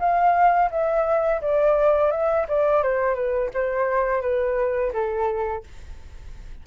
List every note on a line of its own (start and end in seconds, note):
0.00 0.71 F5
0.71 1.41 E5
1.42 2.11 D5
2.11 2.47 E5
2.49 2.83 D5
2.83 3.15 C5
3.15 3.50 B4
3.54 4.22 C5
4.22 4.93 B4
4.93 5.64 A4